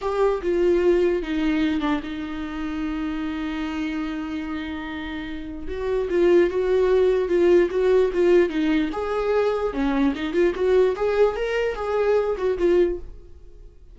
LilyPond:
\new Staff \with { instrumentName = "viola" } { \time 4/4 \tempo 4 = 148 g'4 f'2 dis'4~ | dis'8 d'8 dis'2.~ | dis'1~ | dis'2 fis'4 f'4 |
fis'2 f'4 fis'4 | f'4 dis'4 gis'2 | cis'4 dis'8 f'8 fis'4 gis'4 | ais'4 gis'4. fis'8 f'4 | }